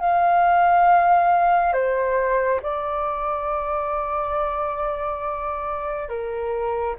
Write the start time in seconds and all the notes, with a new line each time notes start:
0.00 F5
1.74 C5
2.62 D5
6.09 A#4